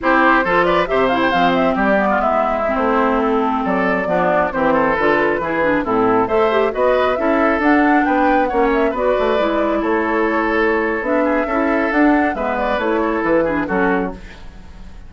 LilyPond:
<<
  \new Staff \with { instrumentName = "flute" } { \time 4/4 \tempo 4 = 136 c''4. d''8 e''8 f''16 g''16 f''8 e''8 | d''4 e''4~ e''16 c''4 a'8.~ | a'16 d''2 c''4 b'8.~ | b'4~ b'16 a'4 e''4 dis''8.~ |
dis''16 e''4 fis''4 g''4 fis''8 e''16~ | e''16 d''2 cis''4.~ cis''16~ | cis''4 e''2 fis''4 | e''8 d''8 cis''4 b'4 a'4 | }
  \new Staff \with { instrumentName = "oboe" } { \time 4/4 g'4 a'8 b'8 c''2 | g'8. f'16 e'2.~ | e'16 a'4 d'4 g'8 a'4~ a'16~ | a'16 gis'4 e'4 c''4 b'8.~ |
b'16 a'2 b'4 cis''8.~ | cis''16 b'2 a'4.~ a'16~ | a'4. gis'8 a'2 | b'4. a'4 gis'8 fis'4 | }
  \new Staff \with { instrumentName = "clarinet" } { \time 4/4 e'4 f'4 g'8 e'8 c'4~ | c'8 b4. c'2~ | c'4~ c'16 b4 c'4 f'8.~ | f'16 e'8 d'8 c'4 a'8 g'8 fis'8.~ |
fis'16 e'4 d'2 cis'8.~ | cis'16 fis'4 e'2~ e'8.~ | e'4 d'4 e'4 d'4 | b4 e'4. d'8 cis'4 | }
  \new Staff \with { instrumentName = "bassoon" } { \time 4/4 c'4 f4 c4 f4 | g4 gis4~ gis16 a4.~ a16~ | a16 fis4 f4 e4 d8.~ | d16 e4 a,4 a4 b8.~ |
b16 cis'4 d'4 b4 ais8.~ | ais16 b8 a8 gis4 a4.~ a16~ | a4 b4 cis'4 d'4 | gis4 a4 e4 fis4 | }
>>